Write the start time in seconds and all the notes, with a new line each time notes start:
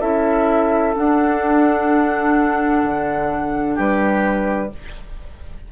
0.00 C#4 E4 A4 E5
0.95 D4 F#5
2.84 D3
3.75 G3 G4 B4